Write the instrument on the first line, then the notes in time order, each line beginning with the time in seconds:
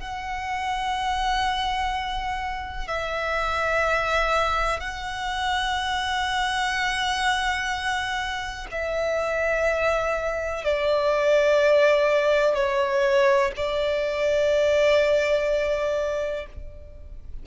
violin
0.00 F#5
2.88 E5
4.80 F#5
8.71 E5
10.65 D5
12.55 C#5
13.57 D5